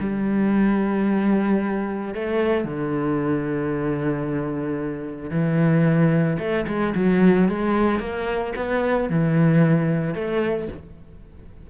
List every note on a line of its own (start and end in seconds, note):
0.00 2.14 G3
2.14 2.64 A3
2.64 5.30 D3
5.30 6.37 E3
6.39 6.66 A3
6.67 6.94 G#3
6.95 7.48 F#3
7.48 7.99 G#3
7.99 8.53 A#3
8.56 9.09 B3
9.09 10.14 E3
10.14 10.68 A3